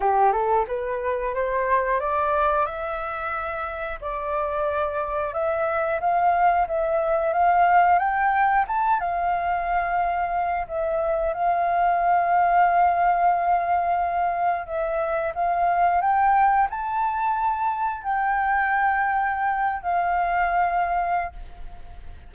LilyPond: \new Staff \with { instrumentName = "flute" } { \time 4/4 \tempo 4 = 90 g'8 a'8 b'4 c''4 d''4 | e''2 d''2 | e''4 f''4 e''4 f''4 | g''4 a''8 f''2~ f''8 |
e''4 f''2.~ | f''2 e''4 f''4 | g''4 a''2 g''4~ | g''4.~ g''16 f''2~ f''16 | }